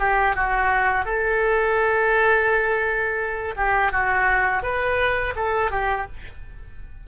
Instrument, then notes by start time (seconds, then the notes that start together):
oboe
0.00 G4
0.36 F#4
1.06 A4
3.57 G4
3.92 F#4
4.63 B4
5.36 A4
5.71 G4